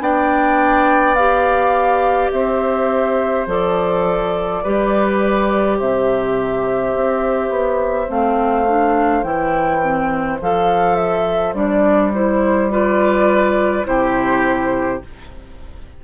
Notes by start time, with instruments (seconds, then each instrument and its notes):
0.00 bassoon B3, clarinet D4, oboe D5, flute G5
1.15 clarinet G4, flute F5
2.32 bassoon C4, oboe C5, flute E5
3.47 bassoon F3, clarinet A4, flute D5
4.63 bassoon G3, clarinet G4, oboe B4
5.79 bassoon C3, oboe C5, flute E5
6.95 bassoon C4
7.50 bassoon B3
8.09 bassoon A3, clarinet C4, flute F5
8.67 clarinet D4
9.23 bassoon E3, clarinet E4, flute G5
9.82 clarinet C4
10.41 bassoon F3, clarinet A4, flute F5
10.96 flute E5
11.54 bassoon G3, clarinet D4, flute D5
12.13 clarinet E4, flute C5
12.71 clarinet F4, oboe B4, flute D5
13.85 bassoon C3, clarinet E4, oboe G4, flute C5